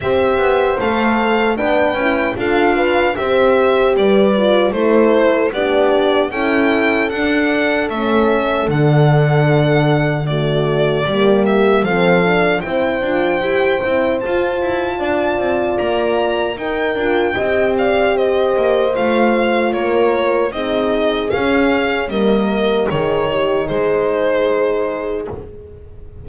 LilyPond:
<<
  \new Staff \with { instrumentName = "violin" } { \time 4/4 \tempo 4 = 76 e''4 f''4 g''4 f''4 | e''4 d''4 c''4 d''4 | g''4 fis''4 e''4 fis''4~ | fis''4 d''4. e''8 f''4 |
g''2 a''2 | ais''4 g''4. f''8 dis''4 | f''4 cis''4 dis''4 f''4 | dis''4 cis''4 c''2 | }
  \new Staff \with { instrumentName = "horn" } { \time 4/4 c''2 b'4 a'8 b'8 | c''4 b'4 a'4 g'4 | a'1~ | a'4 fis'4 g'4 a'4 |
c''2. d''4~ | d''4 ais'4 dis''8 d''8 c''4~ | c''4 ais'4 gis'2 | ais'4 gis'8 g'8 gis'2 | }
  \new Staff \with { instrumentName = "horn" } { \time 4/4 g'4 a'4 d'8 e'8 f'4 | g'4. f'8 e'4 d'4 | e'4 d'4 cis'4 d'4~ | d'4 a4 ais4 c'8 d'8 |
e'8 f'8 g'8 e'8 f'2~ | f'4 dis'8 f'8 g'2 | f'2 dis'4 cis'4 | ais4 dis'2. | }
  \new Staff \with { instrumentName = "double bass" } { \time 4/4 c'8 b8 a4 b8 cis'8 d'4 | c'4 g4 a4 b4 | cis'4 d'4 a4 d4~ | d2 g4 f4 |
c'8 d'8 e'8 c'8 f'8 e'8 d'8 c'8 | ais4 dis'8 d'8 c'4. ais8 | a4 ais4 c'4 cis'4 | g4 dis4 gis2 | }
>>